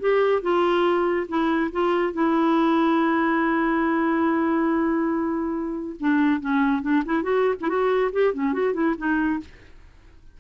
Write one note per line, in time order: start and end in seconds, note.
0.00 0.42 G4
0.42 1.27 F4
1.29 1.71 E4
1.72 2.13 F4
2.13 5.96 E4
6.00 6.41 D4
6.41 6.82 C#4
6.82 7.03 D4
7.05 7.23 E4
7.23 7.55 F#4
7.61 7.69 E4
7.69 8.12 F#4
8.13 8.34 G4
8.34 8.53 C#4
8.53 8.74 F#4
8.74 8.95 E4
8.98 9.40 D#4